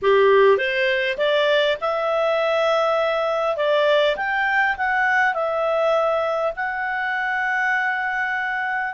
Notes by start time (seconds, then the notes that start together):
0.02 G4
0.57 C5
1.17 D5
1.80 E5
3.56 D5
4.16 G5
4.77 F#5
5.34 E5
6.56 F#5